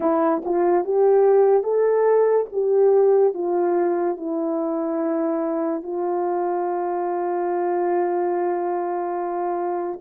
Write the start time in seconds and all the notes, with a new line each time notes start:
0.00 E4
0.44 F4
0.84 G4
1.63 A4
2.52 G4
3.33 F4
4.17 E4
5.82 F4